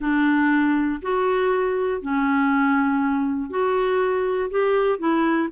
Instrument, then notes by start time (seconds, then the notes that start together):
clarinet
0.00 D4
1.02 F#4
2.01 C#4
3.50 F#4
4.50 G4
4.98 E4